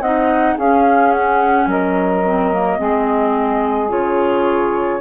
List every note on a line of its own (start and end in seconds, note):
0.00 0.56 C4
0.00 0.59 D#4
0.00 0.54 D#5
0.00 0.57 F#5
0.54 1.67 C#4
0.54 2.25 C#4
0.54 1.66 G#4
0.54 1.12 F5
1.12 1.68 F#5
1.67 2.78 F#3
1.67 2.78 A#4
1.67 3.91 D#5
2.25 2.53 C4
2.53 2.78 A#3
2.78 3.91 G#3
2.78 3.89 C4
2.78 5.00 G#4
3.89 5.00 C#3
3.89 5.00 F4
3.89 5.00 C#5